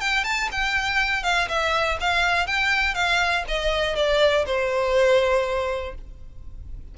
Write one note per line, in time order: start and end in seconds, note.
0.00 0.24 G5
0.24 0.49 A5
0.51 1.23 G5
1.23 1.48 F5
1.48 1.98 E5
2.00 2.47 F5
2.47 2.94 G5
2.94 3.44 F5
3.48 3.96 D#5
3.96 4.45 D5
4.46 5.95 C5